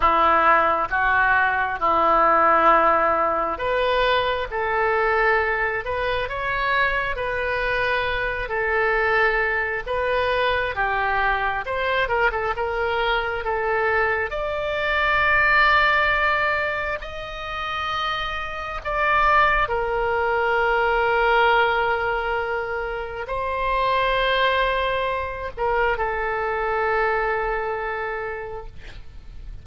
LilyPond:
\new Staff \with { instrumentName = "oboe" } { \time 4/4 \tempo 4 = 67 e'4 fis'4 e'2 | b'4 a'4. b'8 cis''4 | b'4. a'4. b'4 | g'4 c''8 ais'16 a'16 ais'4 a'4 |
d''2. dis''4~ | dis''4 d''4 ais'2~ | ais'2 c''2~ | c''8 ais'8 a'2. | }